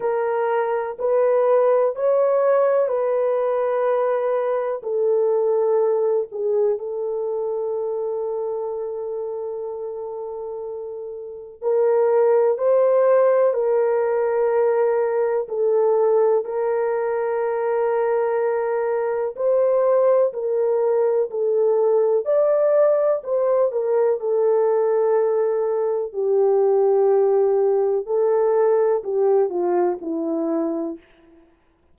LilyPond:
\new Staff \with { instrumentName = "horn" } { \time 4/4 \tempo 4 = 62 ais'4 b'4 cis''4 b'4~ | b'4 a'4. gis'8 a'4~ | a'1 | ais'4 c''4 ais'2 |
a'4 ais'2. | c''4 ais'4 a'4 d''4 | c''8 ais'8 a'2 g'4~ | g'4 a'4 g'8 f'8 e'4 | }